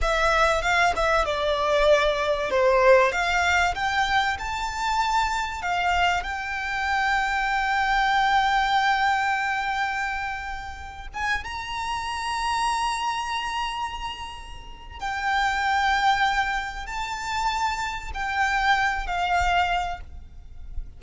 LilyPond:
\new Staff \with { instrumentName = "violin" } { \time 4/4 \tempo 4 = 96 e''4 f''8 e''8 d''2 | c''4 f''4 g''4 a''4~ | a''4 f''4 g''2~ | g''1~ |
g''4.~ g''16 gis''8 ais''4.~ ais''16~ | ais''1 | g''2. a''4~ | a''4 g''4. f''4. | }